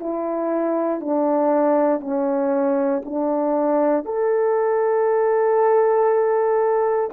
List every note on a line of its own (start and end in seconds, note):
0.00 1.00 E4
1.00 2.00 D4
2.00 3.02 C#4
3.05 4.05 D4
4.05 7.10 A4